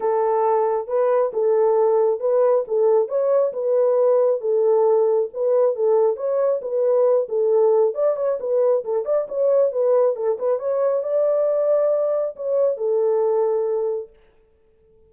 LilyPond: \new Staff \with { instrumentName = "horn" } { \time 4/4 \tempo 4 = 136 a'2 b'4 a'4~ | a'4 b'4 a'4 cis''4 | b'2 a'2 | b'4 a'4 cis''4 b'4~ |
b'8 a'4. d''8 cis''8 b'4 | a'8 d''8 cis''4 b'4 a'8 b'8 | cis''4 d''2. | cis''4 a'2. | }